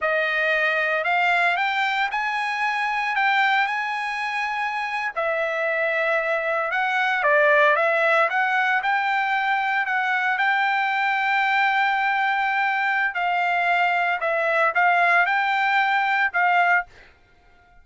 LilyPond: \new Staff \with { instrumentName = "trumpet" } { \time 4/4 \tempo 4 = 114 dis''2 f''4 g''4 | gis''2 g''4 gis''4~ | gis''4.~ gis''16 e''2~ e''16~ | e''8. fis''4 d''4 e''4 fis''16~ |
fis''8. g''2 fis''4 g''16~ | g''1~ | g''4 f''2 e''4 | f''4 g''2 f''4 | }